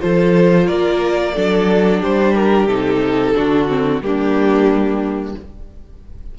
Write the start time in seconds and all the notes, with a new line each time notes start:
0.00 F3 F4 A4 C5
0.66 A#3 A#4 D5
1.34 F#3 D4 A4
2.00 G3 G4 C5
2.35 A#4
2.67 C3 D#4 A4
3.35 D3 D4 F#4
3.68 C4
4.01 G3 A#3 D4 G4